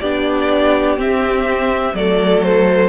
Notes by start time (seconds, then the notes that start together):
0.00 B3 D4 G4 D5
0.97 C4 E5
1.94 F#3 A3 A4 D5
2.43 C5